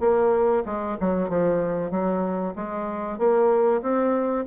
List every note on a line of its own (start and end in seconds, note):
0.00 0.63 A#3
0.65 0.97 G#3
1.00 1.29 F#3
1.29 1.91 F3
1.91 2.54 F#3
2.56 3.18 G#3
3.18 3.82 A#3
3.82 4.45 C4